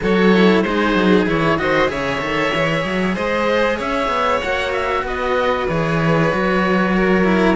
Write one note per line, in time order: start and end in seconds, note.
0.01 0.64 F#3
0.01 0.33 F#4
0.01 0.64 A4
0.01 0.62 C#5
0.33 0.65 E4
0.62 0.94 G#3
0.62 1.26 D#4
0.62 1.59 G#4
0.62 1.25 C5
0.94 1.25 F#3
1.26 1.58 E3
1.26 1.58 E4
1.26 1.58 C#5
1.58 1.89 D#3
1.58 1.88 F#4
1.58 1.90 C5
1.58 1.90 D#5
1.88 2.21 C#3
1.88 2.19 G#4
1.88 3.14 C#5
1.88 3.16 E5
2.20 2.52 D#3
2.20 2.52 A4
2.53 2.84 E3
2.53 4.42 G#4
2.84 3.15 F#3
3.14 3.79 G#3
3.14 3.77 C5
3.14 3.79 D#5
3.77 4.08 C#4
3.77 5.03 C#5
3.77 4.40 E5
4.08 4.39 B3
4.40 5.03 A#3
4.40 5.69 F#4
4.40 4.72 F#5
4.72 5.04 E5
5.03 5.66 B3
5.03 6.95 B4
5.03 5.67 D#5
5.67 6.32 E3
5.67 6.31 G#4
5.67 7.56 C#5
6.31 7.56 F#3
6.31 7.24 F#4
6.95 7.56 A#4
7.24 7.55 E4